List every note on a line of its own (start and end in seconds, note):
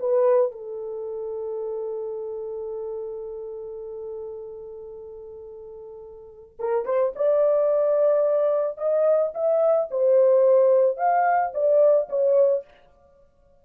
0.00 0.52 B4
0.52 6.58 A4
6.60 6.86 A#4
6.86 7.13 C5
7.16 8.78 D5
8.78 9.33 D#5
9.35 9.90 E5
9.91 10.98 C5
10.98 11.53 F5
11.54 12.09 D5
12.10 12.65 C#5